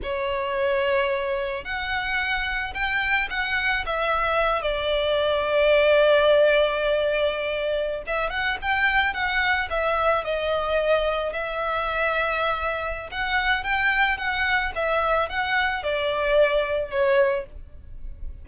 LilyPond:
\new Staff \with { instrumentName = "violin" } { \time 4/4 \tempo 4 = 110 cis''2. fis''4~ | fis''4 g''4 fis''4 e''4~ | e''8 d''2.~ d''8~ | d''2~ d''8. e''8 fis''8 g''16~ |
g''8. fis''4 e''4 dis''4~ dis''16~ | dis''8. e''2.~ e''16 | fis''4 g''4 fis''4 e''4 | fis''4 d''2 cis''4 | }